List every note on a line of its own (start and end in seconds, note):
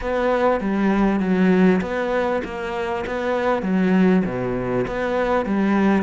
0.01 0.60 B3
0.60 1.20 G3
1.20 1.80 F#3
1.81 2.42 B3
2.44 3.04 A#3
3.06 3.62 B3
3.62 4.23 F#3
4.25 4.85 B2
4.87 5.45 B3
5.45 6.02 G3